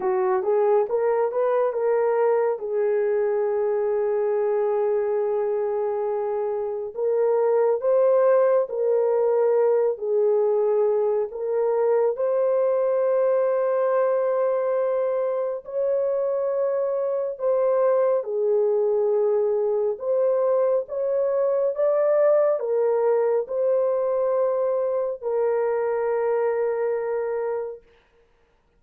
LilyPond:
\new Staff \with { instrumentName = "horn" } { \time 4/4 \tempo 4 = 69 fis'8 gis'8 ais'8 b'8 ais'4 gis'4~ | gis'1 | ais'4 c''4 ais'4. gis'8~ | gis'4 ais'4 c''2~ |
c''2 cis''2 | c''4 gis'2 c''4 | cis''4 d''4 ais'4 c''4~ | c''4 ais'2. | }